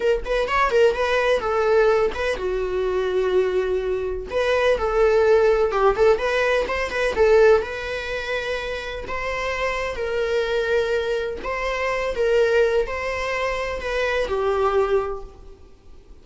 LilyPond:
\new Staff \with { instrumentName = "viola" } { \time 4/4 \tempo 4 = 126 ais'8 b'8 cis''8 ais'8 b'4 a'4~ | a'8 b'8 fis'2.~ | fis'4 b'4 a'2 | g'8 a'8 b'4 c''8 b'8 a'4 |
b'2. c''4~ | c''4 ais'2. | c''4. ais'4. c''4~ | c''4 b'4 g'2 | }